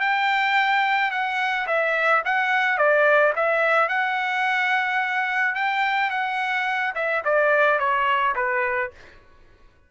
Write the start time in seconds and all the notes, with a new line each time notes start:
0.00 G5
1.11 F#5
1.67 E5
2.25 F#5
2.77 D5
3.36 E5
3.88 F#5
5.55 G5
6.10 F#5
6.95 E5
7.24 D5
7.79 C#5
8.35 B4